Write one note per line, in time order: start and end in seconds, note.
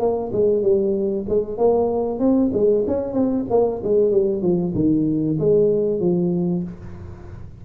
0.00 0.32 A#3
0.32 0.63 G#3
0.63 1.26 G3
1.29 1.58 G#3
1.58 2.20 A#3
2.20 2.51 C4
2.53 2.85 G#3
2.87 3.13 C#4
3.13 3.45 C4
3.50 3.82 A#3
3.84 4.11 G#3
4.11 4.42 G3
4.42 4.74 F3
4.75 5.38 D#3
5.39 6.00 G#3
6.00 6.63 F3